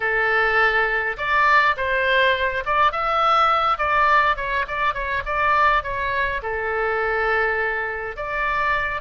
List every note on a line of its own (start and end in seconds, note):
0.00 1.17 A4
1.17 1.75 D5
1.76 2.64 C5
2.65 2.92 D5
2.92 3.78 E5
3.78 4.36 D5
4.36 4.65 C#5
4.67 4.94 D5
4.94 5.23 C#5
5.25 5.83 D5
5.83 6.41 C#5
6.42 8.16 A4
8.16 9.01 D5